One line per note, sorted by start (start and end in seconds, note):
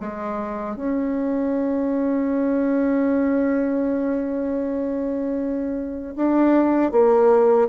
0.00 0.76 G#3
0.76 6.15 C#4
6.16 6.92 D4
6.92 7.69 A#3